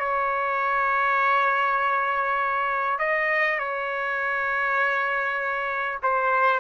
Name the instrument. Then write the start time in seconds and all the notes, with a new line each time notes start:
trumpet
0.00 C#5
2.99 D#5
3.59 C#5
6.03 C5